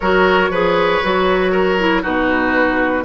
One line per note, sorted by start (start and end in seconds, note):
0.00 0.49 F#3
0.00 0.52 F#4
0.00 0.50 A#4
0.00 2.02 C#5
0.49 1.00 F3
0.49 1.03 G#4
0.49 1.51 B4
1.03 2.04 F#3
1.03 1.79 F#4
1.51 2.02 A#4
1.79 2.02 E4
2.02 3.04 B2
2.02 3.04 D#4
2.02 3.04 F#4
2.02 3.04 B4